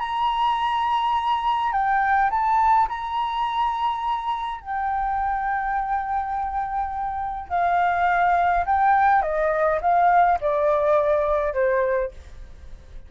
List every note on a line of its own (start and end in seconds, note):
0.00 1.73 A#5
1.73 2.30 G5
2.31 2.88 A5
2.89 4.61 A#5
4.61 7.49 G5
7.49 8.65 F5
8.66 9.22 G5
9.22 9.80 D#5
9.82 10.39 F5
10.41 11.54 D5
11.54 12.12 C5